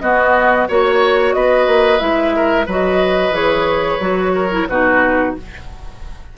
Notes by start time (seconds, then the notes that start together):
0.00 B3 F#4 D#5
0.68 A#3 F#4 C#5
1.33 B3 B4 D#5
1.66 A#3
1.99 G#3 E4 E5
2.36 A#4
2.66 F#3 F#4 B4
2.72 D#5
3.30 E3 G#4 C#5
4.00 F#3 F#4
4.34 A#4
4.51 E4
4.68 B2 D#4 F#4 B4